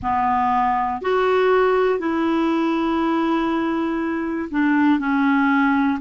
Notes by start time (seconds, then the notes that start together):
0.02 B3
1.01 F#4
1.99 E4
4.50 D4
4.99 C#4